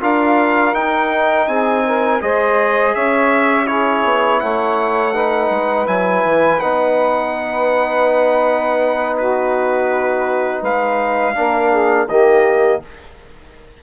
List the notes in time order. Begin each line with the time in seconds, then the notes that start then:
0.00 D4 F4 A#4 F5
0.73 D#4 G5
1.47 C4 G#4 G#5
1.86 A#4
2.21 G#3 G#4 C5 D#5
2.95 C#4 C#5 E5
3.66 E4 G#4 C#5
4.05 B3
4.40 A3 C#5 F#5
5.14 D#4 B4
5.50 G#3
5.86 F#3 E4 G#5
6.24 E3
6.60 B3 D#4 F#5
9.17 F#4 B4
10.61 G#3 B4 F5
11.35 A#3 D4 A#4
11.71 G#4
12.08 D#3 A#3 G4 D#5